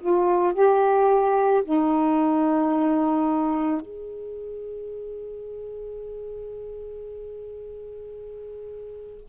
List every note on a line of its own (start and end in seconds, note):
0.00 0.54 F4
0.54 1.63 G4
1.65 3.81 D#4
3.81 9.27 G#4